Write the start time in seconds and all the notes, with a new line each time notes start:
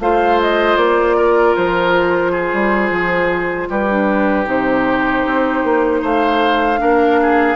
0.00 A3 F4 C5 F5
0.42 D#5
0.77 A#3 D5
1.17 A#4
1.56 F3 C5
2.32 G#4
2.53 G3
2.91 F3
3.70 G3 G4 B4
3.91 D4
4.45 C3 D#4 C5
5.26 C4
5.64 A#3
6.02 A3 C5 F5
6.79 A#3 D4 A#4
7.22 G#4